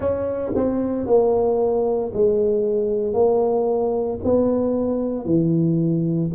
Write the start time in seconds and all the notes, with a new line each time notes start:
0.00 C#4
0.55 C4
1.06 A#3
2.13 G#3
3.13 A#3
4.23 B3
5.25 E3